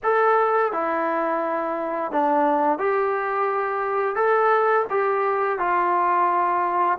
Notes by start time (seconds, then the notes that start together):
0.03 A4
0.72 E4
2.11 D4
2.78 G4
4.15 A4
4.90 G4
5.58 F4